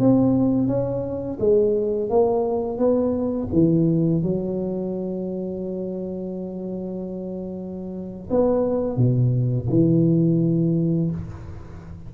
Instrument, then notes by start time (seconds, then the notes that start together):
tuba
0.00 C4
0.68 C#4
1.40 G#3
2.10 A#3
2.79 B3
3.53 E3
4.24 F#3
8.30 B3
8.97 B2
9.70 E3